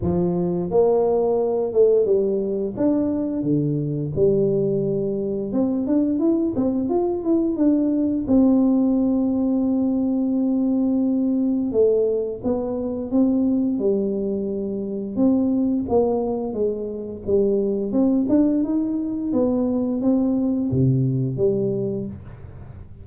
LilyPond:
\new Staff \with { instrumentName = "tuba" } { \time 4/4 \tempo 4 = 87 f4 ais4. a8 g4 | d'4 d4 g2 | c'8 d'8 e'8 c'8 f'8 e'8 d'4 | c'1~ |
c'4 a4 b4 c'4 | g2 c'4 ais4 | gis4 g4 c'8 d'8 dis'4 | b4 c'4 c4 g4 | }